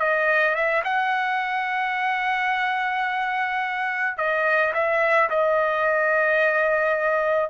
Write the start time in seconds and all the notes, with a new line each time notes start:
0.00 D#5
0.55 E5
0.85 F#5
4.18 D#5
4.74 E5
5.30 D#5